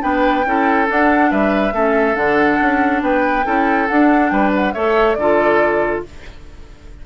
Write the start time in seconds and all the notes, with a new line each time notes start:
0.00 B3 D4 B4 G5
0.45 C#4 E4 A4
0.86 D4 F#5
1.30 G3 B4 E5
1.72 A3 C#4 A4
2.15 D3 D4 F#5
2.60 C#4
3.02 B3 B4 G5
3.44 C#4 E4 A4
3.88 D4 F#5
4.29 G3 B4 G5
4.55 F#5
4.72 A3 A4 C#5 E5
5.14 D3 A4 D5
5.20 F4